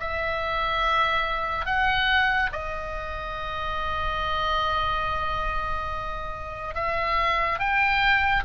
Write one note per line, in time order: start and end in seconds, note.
0.00 1.66 E5
1.66 2.50 F#5
2.52 6.75 D#5
6.75 7.59 E5
7.59 8.44 G5